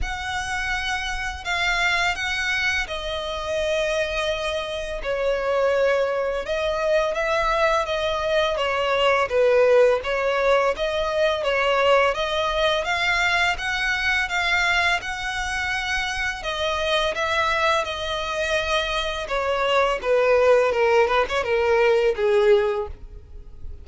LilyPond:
\new Staff \with { instrumentName = "violin" } { \time 4/4 \tempo 4 = 84 fis''2 f''4 fis''4 | dis''2. cis''4~ | cis''4 dis''4 e''4 dis''4 | cis''4 b'4 cis''4 dis''4 |
cis''4 dis''4 f''4 fis''4 | f''4 fis''2 dis''4 | e''4 dis''2 cis''4 | b'4 ais'8 b'16 cis''16 ais'4 gis'4 | }